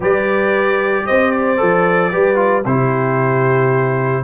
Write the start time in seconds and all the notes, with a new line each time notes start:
0.00 G3 G4 B4 D5
1.06 C4 C5 D#5
1.31 D5
1.57 F3 A4
2.11 G3 G4 B4
2.35 F4
2.65 C3 E4 G4 C5